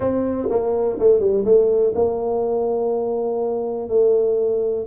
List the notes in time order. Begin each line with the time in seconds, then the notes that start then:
0.00 C4
0.49 A#3
0.99 A3
1.20 G3
1.44 A3
1.95 A#3
3.88 A3